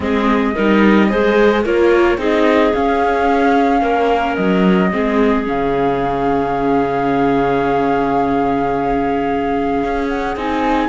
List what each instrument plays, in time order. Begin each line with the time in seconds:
0.00 cello G#3, viola C4, clarinet G#4, flute D#5
0.53 cello G3, viola D#4, clarinet A#4
1.09 cello G#3, viola G#4, clarinet C5
1.63 cello A#3, viola F4, clarinet A#4, flute C#5
2.17 cello C4, viola D#4, clarinet G#4, flute D#5
2.73 viola C#4, cello C#4, flute F5
3.81 cello A#3, clarinet A#4
4.35 cello F#3, flute D#5
4.91 cello G#3, viola C4, clarinet G#4
5.45 cello C#3, viola C#4, flute F5
9.83 cello C#4
10.08 flute F#5
10.36 cello C4, viola D#4, flute G#5